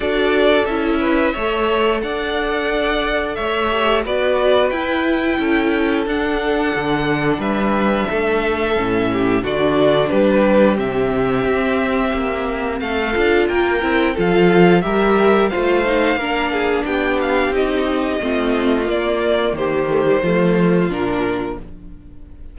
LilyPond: <<
  \new Staff \with { instrumentName = "violin" } { \time 4/4 \tempo 4 = 89 d''4 e''2 fis''4~ | fis''4 e''4 d''4 g''4~ | g''4 fis''2 e''4~ | e''2 d''4 b'4 |
e''2. f''4 | g''4 f''4 e''4 f''4~ | f''4 g''8 f''8 dis''2 | d''4 c''2 ais'4 | }
  \new Staff \with { instrumentName = "violin" } { \time 4/4 a'4. b'8 cis''4 d''4~ | d''4 cis''4 b'2 | a'2. b'4 | a'4. g'8 fis'4 g'4~ |
g'2. a'4 | ais'4 a'4 ais'4 c''4 | ais'8 gis'8 g'2 f'4~ | f'4 g'4 f'2 | }
  \new Staff \with { instrumentName = "viola" } { \time 4/4 fis'4 e'4 a'2~ | a'4. g'8 fis'4 e'4~ | e'4 d'2.~ | d'4 cis'4 d'2 |
c'2.~ c'8 f'8~ | f'8 e'8 f'4 g'4 f'8 dis'8 | d'2 dis'4 c'4 | ais4. a16 g16 a4 d'4 | }
  \new Staff \with { instrumentName = "cello" } { \time 4/4 d'4 cis'4 a4 d'4~ | d'4 a4 b4 e'4 | cis'4 d'4 d4 g4 | a4 a,4 d4 g4 |
c4 c'4 ais4 a8 d'8 | ais8 c'8 f4 g4 a4 | ais4 b4 c'4 a4 | ais4 dis4 f4 ais,4 | }
>>